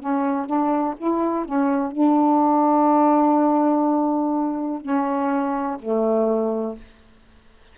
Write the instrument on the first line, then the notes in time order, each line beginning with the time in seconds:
saxophone
0.00 C#4
0.46 D4
0.97 E4
1.45 C#4
1.92 D4
4.81 C#4
5.79 A3